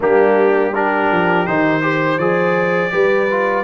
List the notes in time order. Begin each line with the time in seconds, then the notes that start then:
0.00 G3 A#3 D4 G4
0.73 D4 G4 A#4
1.11 F3
1.46 D#3 D#4 C5
1.81 G4 C5
2.18 F3 G#4 D5
2.91 G3 G4 B4
3.30 F4